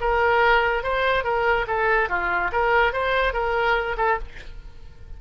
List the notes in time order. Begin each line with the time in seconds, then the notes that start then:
0.00 A#4
0.83 C5
1.24 A#4
1.67 A4
2.09 F4
2.52 A#4
2.92 C5
3.33 A#4
3.97 A4